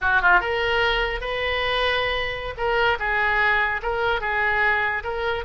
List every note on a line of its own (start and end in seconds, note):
0.01 0.21 F#4
0.21 0.40 F4
0.40 1.20 A#4
1.20 2.54 B4
2.57 2.98 A#4
2.99 3.81 G#4
3.82 4.20 A#4
4.20 5.03 G#4
5.03 5.44 A#4